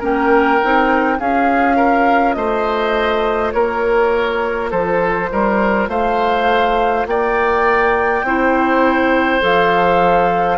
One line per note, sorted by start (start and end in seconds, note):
0.00 0.61 A#3
0.00 0.60 C#4
0.00 1.18 A#4
0.00 1.20 G5
0.63 1.20 C4
0.63 1.18 D#4
1.18 2.36 C#4
1.18 8.24 F4
1.18 1.77 G#4
1.18 2.34 F5
1.77 2.36 A#4
2.34 3.54 A3
2.34 3.54 C5
2.34 3.51 D#5
3.52 4.72 A#3
3.52 4.71 A#4
3.52 4.70 C#5
4.71 5.31 F3
4.71 5.29 A4
4.71 5.89 C5
5.32 5.88 G3
5.32 5.89 A#4
5.88 7.06 A3
5.88 7.07 C5
5.88 7.07 F5
7.07 8.23 A#3
7.07 8.26 D5
7.07 9.43 G5
8.23 9.41 C4
8.23 9.41 E4
8.23 10.59 C5
9.41 10.59 F3
9.41 10.59 A4
9.41 10.59 F5